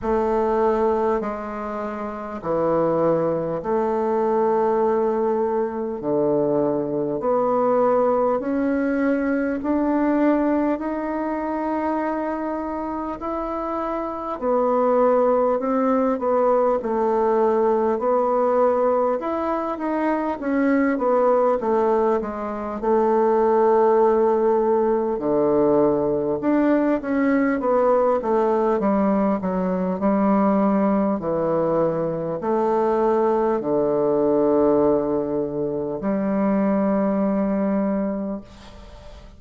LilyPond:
\new Staff \with { instrumentName = "bassoon" } { \time 4/4 \tempo 4 = 50 a4 gis4 e4 a4~ | a4 d4 b4 cis'4 | d'4 dis'2 e'4 | b4 c'8 b8 a4 b4 |
e'8 dis'8 cis'8 b8 a8 gis8 a4~ | a4 d4 d'8 cis'8 b8 a8 | g8 fis8 g4 e4 a4 | d2 g2 | }